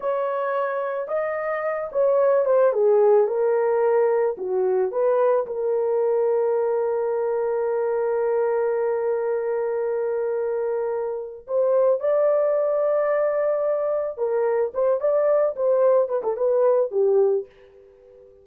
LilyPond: \new Staff \with { instrumentName = "horn" } { \time 4/4 \tempo 4 = 110 cis''2 dis''4. cis''8~ | cis''8 c''8 gis'4 ais'2 | fis'4 b'4 ais'2~ | ais'1~ |
ais'1~ | ais'4 c''4 d''2~ | d''2 ais'4 c''8 d''8~ | d''8 c''4 b'16 a'16 b'4 g'4 | }